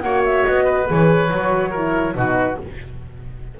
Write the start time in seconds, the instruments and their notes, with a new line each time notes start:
0.00 double bass A#3, horn F#4, oboe C#5, flute F#5
0.24 flute E5
0.45 double bass B3, flute D#5
0.64 oboe B4
0.86 double bass E3, horn G#4, flute C#5
1.30 double bass F#3, horn F#4
1.70 horn E4, oboe A#4
2.15 double bass B2, horn D#4, oboe F#4, flute B4